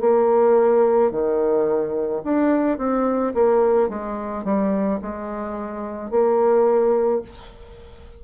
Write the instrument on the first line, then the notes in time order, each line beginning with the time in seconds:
bassoon
0.00 A#3
1.11 D#3
2.23 D4
2.78 C4
3.34 A#3
3.89 G#3
4.44 G3
5.02 G#3
6.10 A#3